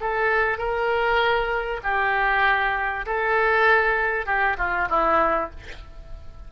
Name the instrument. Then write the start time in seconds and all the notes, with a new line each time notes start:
oboe
0.00 A4
0.58 A#4
1.83 G4
3.06 A4
4.26 G4
4.58 F4
4.89 E4